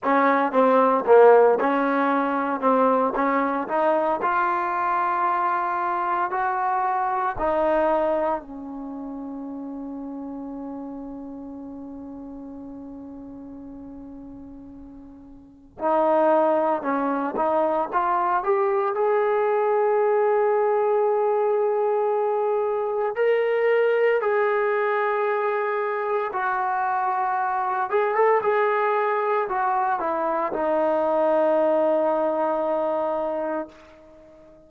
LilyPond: \new Staff \with { instrumentName = "trombone" } { \time 4/4 \tempo 4 = 57 cis'8 c'8 ais8 cis'4 c'8 cis'8 dis'8 | f'2 fis'4 dis'4 | cis'1~ | cis'2. dis'4 |
cis'8 dis'8 f'8 g'8 gis'2~ | gis'2 ais'4 gis'4~ | gis'4 fis'4. gis'16 a'16 gis'4 | fis'8 e'8 dis'2. | }